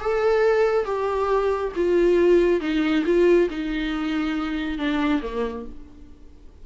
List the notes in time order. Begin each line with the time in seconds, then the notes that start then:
0.00 A4
0.85 G4
1.75 F4
2.60 D#4
3.05 F4
3.50 D#4
4.78 D4
5.22 A#3